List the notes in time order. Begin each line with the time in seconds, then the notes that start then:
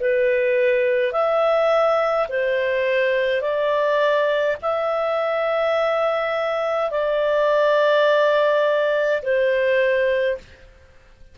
0.00 B4
1.12 E5
2.29 C5
3.41 D5
4.62 E5
6.91 D5
9.23 C5